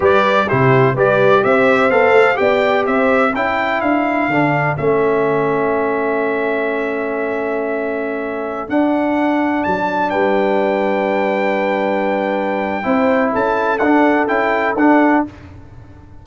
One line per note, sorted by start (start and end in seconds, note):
0.00 0.48 G3
0.00 0.47 G4
0.00 0.46 B4
0.00 0.48 D5
0.46 0.95 C3
0.46 0.96 E4
0.46 0.94 G4
0.46 0.96 C5
0.94 1.43 G3
0.94 1.90 G4
0.94 1.42 B4
0.94 1.44 D5
1.44 1.89 C4
1.44 2.39 C5
1.44 1.90 E5
1.89 2.11 B3
1.89 2.35 A4
1.89 2.37 F5
2.11 2.35 A3
2.35 2.86 B3
2.35 3.30 G4
2.35 2.86 D5
2.35 2.84 G5
2.86 3.34 C4
2.86 3.33 C5
2.86 3.33 E5
3.33 3.81 C#4
3.33 4.31 E4
3.33 10.10 A4
3.33 3.81 G5
3.81 4.28 D4
3.81 4.76 F5
4.28 4.75 D3
4.28 4.77 D4
4.77 8.68 A3
4.77 8.67 C#4
4.77 8.69 E5
8.67 12.83 D4
8.67 9.63 D4
8.67 9.63 F#5
9.63 10.13 F#3
9.63 10.10 A5
10.10 12.85 G3
10.10 12.84 B4
10.10 13.31 G5
12.83 13.32 C4
12.83 13.78 E4
12.83 13.33 C5
13.33 13.80 C#4
13.33 15.23 A4
13.33 13.78 A5
13.78 14.27 D4
13.78 14.26 F#5
14.27 14.75 C#4
14.27 14.75 E4
14.27 14.75 G5
14.75 15.22 D4
14.75 15.26 D4
14.75 15.24 F#5